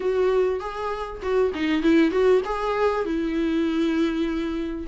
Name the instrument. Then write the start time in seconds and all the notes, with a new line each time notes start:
viola
0.00 F#4
0.60 G#4
1.21 F#4
1.54 D#4
1.82 E4
2.11 F#4
2.44 G#4
3.05 E4